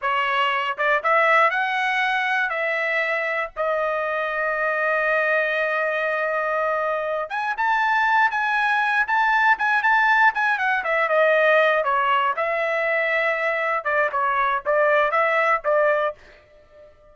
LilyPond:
\new Staff \with { instrumentName = "trumpet" } { \time 4/4 \tempo 4 = 119 cis''4. d''8 e''4 fis''4~ | fis''4 e''2 dis''4~ | dis''1~ | dis''2~ dis''8 gis''8 a''4~ |
a''8 gis''4. a''4 gis''8 a''8~ | a''8 gis''8 fis''8 e''8 dis''4. cis''8~ | cis''8 e''2. d''8 | cis''4 d''4 e''4 d''4 | }